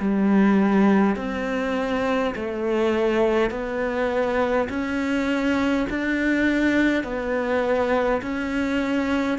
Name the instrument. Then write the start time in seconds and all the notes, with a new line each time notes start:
cello
0.00 G3
1.17 C4
2.35 A3
3.51 B3
4.70 C#4
5.90 D4
7.04 B3
8.22 C#4